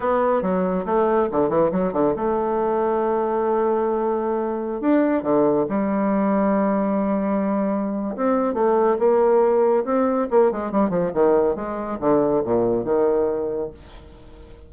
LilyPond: \new Staff \with { instrumentName = "bassoon" } { \time 4/4 \tempo 4 = 140 b4 fis4 a4 d8 e8 | fis8 d8 a2.~ | a2.~ a16 d'8.~ | d'16 d4 g2~ g8.~ |
g2. c'4 | a4 ais2 c'4 | ais8 gis8 g8 f8 dis4 gis4 | d4 ais,4 dis2 | }